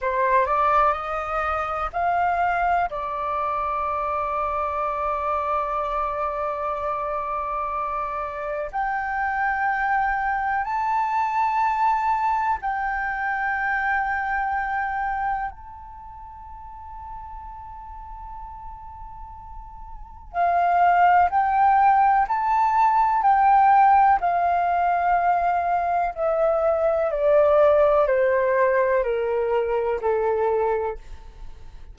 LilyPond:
\new Staff \with { instrumentName = "flute" } { \time 4/4 \tempo 4 = 62 c''8 d''8 dis''4 f''4 d''4~ | d''1~ | d''4 g''2 a''4~ | a''4 g''2. |
a''1~ | a''4 f''4 g''4 a''4 | g''4 f''2 e''4 | d''4 c''4 ais'4 a'4 | }